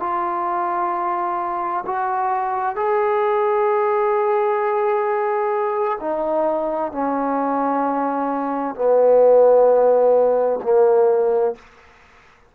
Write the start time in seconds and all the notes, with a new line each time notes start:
0.00 F4
1.86 F#4
2.76 G#4
6.01 D#4
6.93 C#4
8.76 B3
10.63 A#3